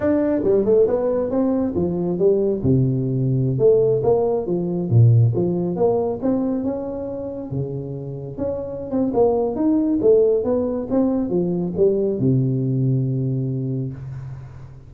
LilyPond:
\new Staff \with { instrumentName = "tuba" } { \time 4/4 \tempo 4 = 138 d'4 g8 a8 b4 c'4 | f4 g4 c2~ | c16 a4 ais4 f4 ais,8.~ | ais,16 f4 ais4 c'4 cis'8.~ |
cis'4~ cis'16 cis2 cis'8.~ | cis'8 c'8 ais4 dis'4 a4 | b4 c'4 f4 g4 | c1 | }